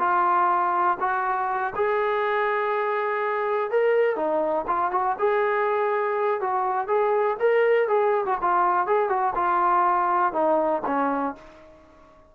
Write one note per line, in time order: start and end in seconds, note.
0.00 0.98 F4
1.01 1.74 F#4
1.76 3.71 G#4
3.71 4.16 A#4
4.16 4.66 D#4
4.67 4.92 F4
4.92 5.16 F#4
5.20 6.41 G#4
6.41 6.88 F#4
6.88 7.37 G#4
7.40 7.89 A#4
7.89 8.26 G#4
8.26 8.39 F#4
8.42 8.87 F4
8.87 9.10 G#4
9.10 9.34 F#4
9.36 10.33 F4
10.33 10.83 D#4
10.86 11.36 C#4